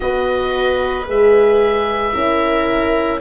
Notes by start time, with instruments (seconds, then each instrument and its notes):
0.00 tuba B3, horn F#4, viola B4, oboe D#5
1.06 tuba G#3, horn G#4, oboe E5
2.13 tuba C#4, horn E4, viola A#4